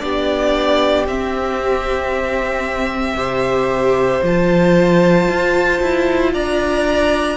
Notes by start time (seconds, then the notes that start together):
0.00 B3 D4 G4 D5
1.07 C4 E5
3.15 C3 G4 C5
4.23 F3 F4 A5
5.29 F4
5.82 E4
6.34 D4 D5 A#5